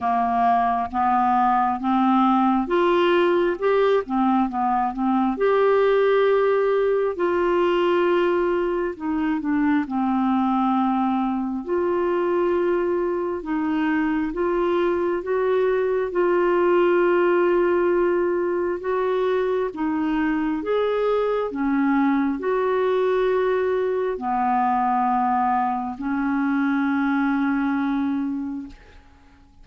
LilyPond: \new Staff \with { instrumentName = "clarinet" } { \time 4/4 \tempo 4 = 67 ais4 b4 c'4 f'4 | g'8 c'8 b8 c'8 g'2 | f'2 dis'8 d'8 c'4~ | c'4 f'2 dis'4 |
f'4 fis'4 f'2~ | f'4 fis'4 dis'4 gis'4 | cis'4 fis'2 b4~ | b4 cis'2. | }